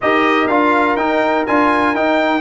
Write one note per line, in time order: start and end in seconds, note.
0.01 0.47 D#4
0.01 0.49 G4
0.01 2.41 A#4
0.01 0.47 D#5
0.47 0.96 D4
0.47 0.98 F4
0.47 0.96 F5
0.96 1.44 D#4
0.96 1.47 D#4
0.96 1.45 G5
1.46 1.94 D4
1.46 1.95 F4
1.46 1.95 G#5
1.94 2.41 D#4
1.94 2.41 G5